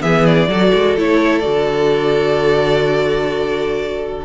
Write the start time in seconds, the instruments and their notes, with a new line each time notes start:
0.00 cello E3, viola B3, violin G#4 E5
0.25 violin D5
0.48 cello F#3, viola F#4, violin A4
0.73 cello G#3
0.96 cello A3, viola E4, violin C#5
1.39 cello D3, viola F#4, violin D5